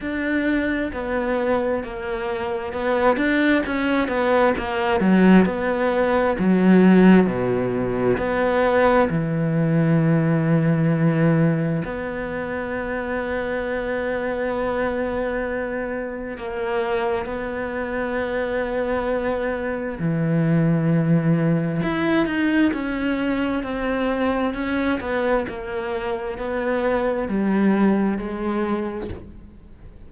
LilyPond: \new Staff \with { instrumentName = "cello" } { \time 4/4 \tempo 4 = 66 d'4 b4 ais4 b8 d'8 | cis'8 b8 ais8 fis8 b4 fis4 | b,4 b4 e2~ | e4 b2.~ |
b2 ais4 b4~ | b2 e2 | e'8 dis'8 cis'4 c'4 cis'8 b8 | ais4 b4 g4 gis4 | }